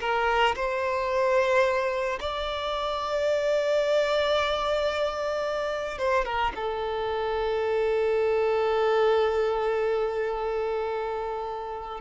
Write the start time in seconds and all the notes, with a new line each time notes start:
0.00 A#4
0.55 C5
2.20 D5
5.98 C5
6.25 A#4
6.55 A4